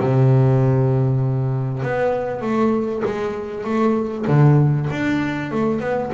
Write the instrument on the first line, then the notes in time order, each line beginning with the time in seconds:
double bass
0.00 C3
1.83 B3
2.42 A3
3.05 G#3
3.64 A3
4.28 D3
4.91 D4
5.52 A3
5.81 B3